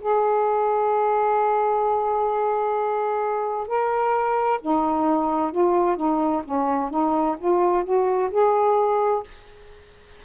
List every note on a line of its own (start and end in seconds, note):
0.00 3.67 G#4
3.67 4.59 A#4
4.61 5.51 D#4
5.51 5.96 F4
5.96 6.42 D#4
6.44 6.90 C#4
6.90 7.36 D#4
7.38 7.84 F4
7.84 8.30 F#4
8.30 9.23 G#4